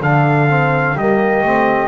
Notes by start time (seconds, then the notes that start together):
0.00 D3 D4 A4 F5
0.48 C4
0.94 G3 A#3 G4 D#5
1.42 A3 C4